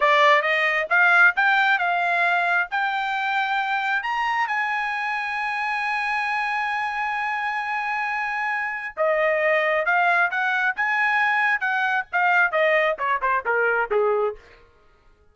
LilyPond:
\new Staff \with { instrumentName = "trumpet" } { \time 4/4 \tempo 4 = 134 d''4 dis''4 f''4 g''4 | f''2 g''2~ | g''4 ais''4 gis''2~ | gis''1~ |
gis''1 | dis''2 f''4 fis''4 | gis''2 fis''4 f''4 | dis''4 cis''8 c''8 ais'4 gis'4 | }